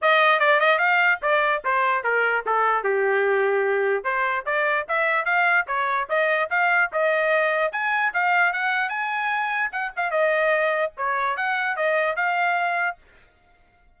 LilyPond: \new Staff \with { instrumentName = "trumpet" } { \time 4/4 \tempo 4 = 148 dis''4 d''8 dis''8 f''4 d''4 | c''4 ais'4 a'4 g'4~ | g'2 c''4 d''4 | e''4 f''4 cis''4 dis''4 |
f''4 dis''2 gis''4 | f''4 fis''4 gis''2 | fis''8 f''8 dis''2 cis''4 | fis''4 dis''4 f''2 | }